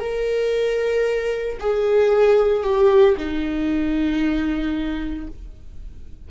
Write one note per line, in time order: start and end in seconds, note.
0.00 1.58 A#4
1.59 2.63 G#4
2.63 3.16 G4
3.17 5.28 D#4